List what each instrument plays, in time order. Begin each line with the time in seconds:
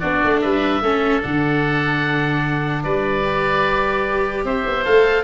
0.00 tuba B3, viola D4, oboe F#4 D5
0.24 tuba A3
0.41 tuba G3, oboe B4 E5
0.81 tuba A3, viola C#4, oboe A4
1.21 tuba D3, viola D4, oboe F#5
2.84 tuba G3, oboe B4 D5
3.23 viola G4
4.44 tuba C4, oboe C5 E5
4.65 tuba B3
4.85 tuba A3, viola A4, oboe F5